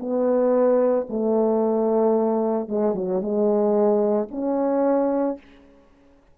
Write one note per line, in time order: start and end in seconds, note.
0.00 1.07 B3
1.10 2.68 A3
2.68 2.95 G#3
2.95 3.21 F#3
3.21 4.29 G#3
4.31 5.38 C#4